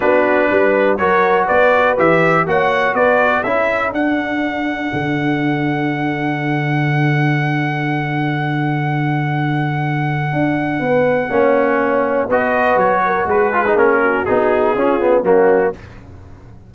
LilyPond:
<<
  \new Staff \with { instrumentName = "trumpet" } { \time 4/4 \tempo 4 = 122 b'2 cis''4 d''4 | e''4 fis''4 d''4 e''4 | fis''1~ | fis''1~ |
fis''1~ | fis''1~ | fis''4 dis''4 cis''4 b'4 | ais'4 gis'2 fis'4 | }
  \new Staff \with { instrumentName = "horn" } { \time 4/4 fis'4 b'4 ais'4 b'4~ | b'4 cis''4 b'4 a'4~ | a'1~ | a'1~ |
a'1~ | a'2 b'4 cis''4~ | cis''4 b'4. ais'8 gis'4~ | gis'8 fis'4. f'4 cis'4 | }
  \new Staff \with { instrumentName = "trombone" } { \time 4/4 d'2 fis'2 | g'4 fis'2 e'4 | d'1~ | d'1~ |
d'1~ | d'2. cis'4~ | cis'4 fis'2~ fis'8 f'16 dis'16 | cis'4 dis'4 cis'8 b8 ais4 | }
  \new Staff \with { instrumentName = "tuba" } { \time 4/4 b4 g4 fis4 b4 | e4 ais4 b4 cis'4 | d'2 d2~ | d1~ |
d1~ | d4 d'4 b4 ais4~ | ais4 b4 fis4 gis4 | ais4 b4 cis'4 fis4 | }
>>